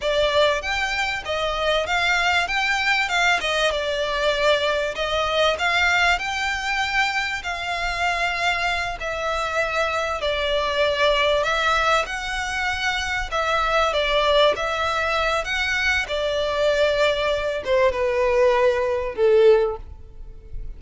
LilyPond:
\new Staff \with { instrumentName = "violin" } { \time 4/4 \tempo 4 = 97 d''4 g''4 dis''4 f''4 | g''4 f''8 dis''8 d''2 | dis''4 f''4 g''2 | f''2~ f''8 e''4.~ |
e''8 d''2 e''4 fis''8~ | fis''4. e''4 d''4 e''8~ | e''4 fis''4 d''2~ | d''8 c''8 b'2 a'4 | }